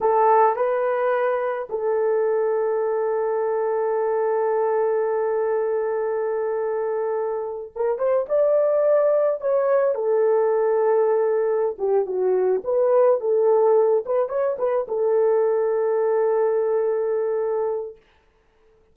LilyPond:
\new Staff \with { instrumentName = "horn" } { \time 4/4 \tempo 4 = 107 a'4 b'2 a'4~ | a'1~ | a'1~ | a'4.~ a'16 ais'8 c''8 d''4~ d''16~ |
d''8. cis''4 a'2~ a'16~ | a'4 g'8 fis'4 b'4 a'8~ | a'4 b'8 cis''8 b'8 a'4.~ | a'1 | }